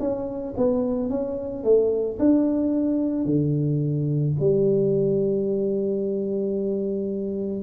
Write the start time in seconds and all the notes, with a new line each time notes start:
0.00 C#4
0.57 B3
1.10 C#4
1.64 A3
2.19 D4
3.25 D3
4.40 G3